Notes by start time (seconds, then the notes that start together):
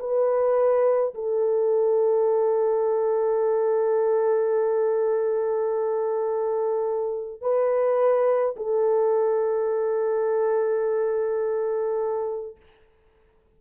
0.00 B4
1.15 A4
7.42 B4
8.57 A4